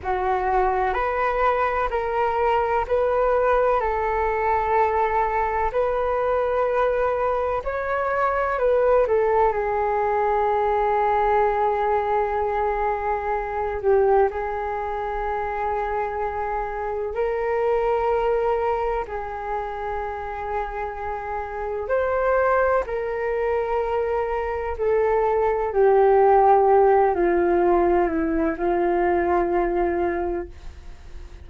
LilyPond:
\new Staff \with { instrumentName = "flute" } { \time 4/4 \tempo 4 = 63 fis'4 b'4 ais'4 b'4 | a'2 b'2 | cis''4 b'8 a'8 gis'2~ | gis'2~ gis'8 g'8 gis'4~ |
gis'2 ais'2 | gis'2. c''4 | ais'2 a'4 g'4~ | g'8 f'4 e'8 f'2 | }